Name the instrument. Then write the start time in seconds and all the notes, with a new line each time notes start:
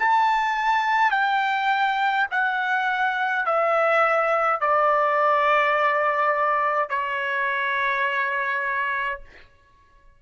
trumpet
0.00 A5
1.11 G5
2.31 F#5
3.46 E5
4.60 D5
6.90 C#5